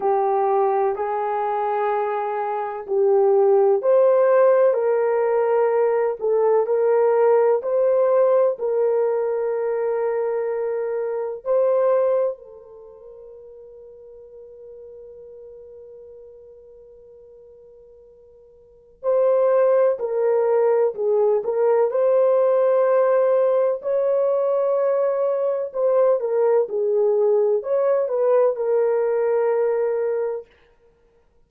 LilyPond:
\new Staff \with { instrumentName = "horn" } { \time 4/4 \tempo 4 = 63 g'4 gis'2 g'4 | c''4 ais'4. a'8 ais'4 | c''4 ais'2. | c''4 ais'2.~ |
ais'1 | c''4 ais'4 gis'8 ais'8 c''4~ | c''4 cis''2 c''8 ais'8 | gis'4 cis''8 b'8 ais'2 | }